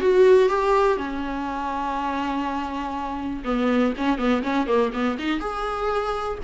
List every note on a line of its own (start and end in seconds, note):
0.00 0.49 F#4
0.49 0.97 G4
0.97 3.43 C#4
3.44 3.93 B3
3.97 4.18 C#4
4.18 4.42 B3
4.43 4.67 C#4
4.67 4.91 A#3
4.93 5.17 B3
5.18 5.40 D#4
5.40 6.38 G#4